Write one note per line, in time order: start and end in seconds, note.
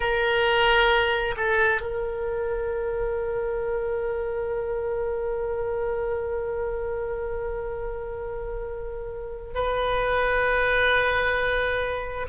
0.00 1.35 A#4
1.36 1.81 A4
1.81 9.54 A#4
9.54 12.27 B4